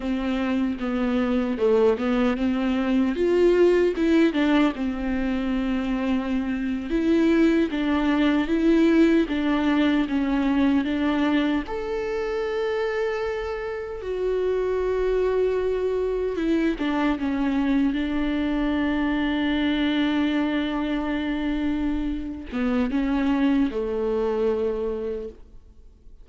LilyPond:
\new Staff \with { instrumentName = "viola" } { \time 4/4 \tempo 4 = 76 c'4 b4 a8 b8 c'4 | f'4 e'8 d'8 c'2~ | c'8. e'4 d'4 e'4 d'16~ | d'8. cis'4 d'4 a'4~ a'16~ |
a'4.~ a'16 fis'2~ fis'16~ | fis'8. e'8 d'8 cis'4 d'4~ d'16~ | d'1~ | d'8 b8 cis'4 a2 | }